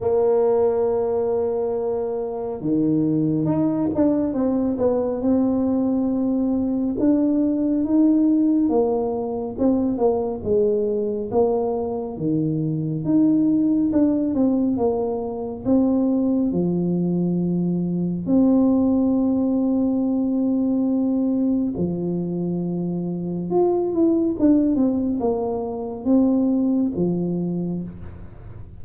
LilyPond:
\new Staff \with { instrumentName = "tuba" } { \time 4/4 \tempo 4 = 69 ais2. dis4 | dis'8 d'8 c'8 b8 c'2 | d'4 dis'4 ais4 c'8 ais8 | gis4 ais4 dis4 dis'4 |
d'8 c'8 ais4 c'4 f4~ | f4 c'2.~ | c'4 f2 f'8 e'8 | d'8 c'8 ais4 c'4 f4 | }